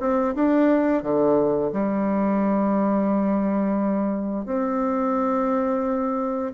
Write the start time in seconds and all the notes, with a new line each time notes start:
0.00 C4
0.35 D4
1.03 D3
1.72 G3
4.46 C4